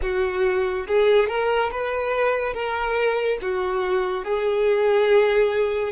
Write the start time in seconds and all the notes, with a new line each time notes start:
0.02 F#4
0.87 G#4
1.28 A#4
1.71 B4
2.54 A#4
3.41 F#4
4.24 G#4